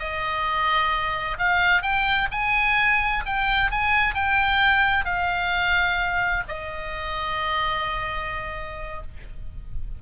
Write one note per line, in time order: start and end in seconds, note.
0.00 1.38 D#5
1.39 1.83 F5
1.83 2.29 G5
2.32 3.24 G#5
3.26 3.71 G5
3.71 4.15 G#5
4.15 5.05 G5
5.05 6.44 F5
6.49 9.03 D#5